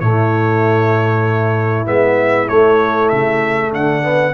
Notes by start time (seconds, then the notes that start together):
0.00 A2 A3 E4 C#5
1.86 G#3 B3 E5
2.48 A3 C#5
3.09 C#3 E5
3.72 D3 D4 F#5
4.03 B3